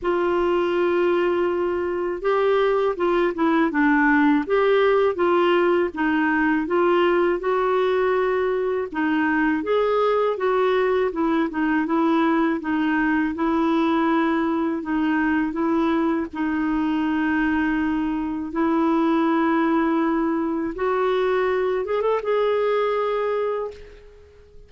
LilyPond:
\new Staff \with { instrumentName = "clarinet" } { \time 4/4 \tempo 4 = 81 f'2. g'4 | f'8 e'8 d'4 g'4 f'4 | dis'4 f'4 fis'2 | dis'4 gis'4 fis'4 e'8 dis'8 |
e'4 dis'4 e'2 | dis'4 e'4 dis'2~ | dis'4 e'2. | fis'4. gis'16 a'16 gis'2 | }